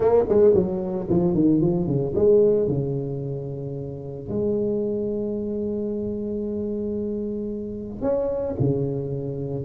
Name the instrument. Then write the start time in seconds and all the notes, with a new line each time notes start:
tuba
0.00 A#3
0.28 G#3
0.54 F#3
1.09 F3
1.34 D#3
1.61 F3
1.86 C#3
2.15 G#3
2.68 C#3
4.28 G#3
8.01 C#4
8.59 C#3